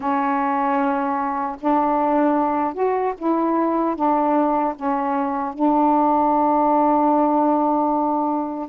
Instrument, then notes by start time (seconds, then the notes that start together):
saxophone
0.00 C#4
1.60 D4
2.74 F#4
3.18 E4
3.95 D4
4.75 C#4
5.53 D4